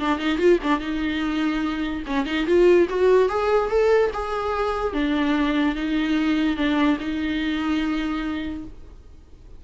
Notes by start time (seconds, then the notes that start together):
0.00 D4
0.20 D#4
0.39 F4
0.64 D4
0.80 D#4
2.07 C#4
2.26 D#4
2.47 F4
2.90 F#4
3.30 G#4
3.70 A4
4.14 G#4
4.94 D4
5.76 D#4
6.57 D4
7.00 D#4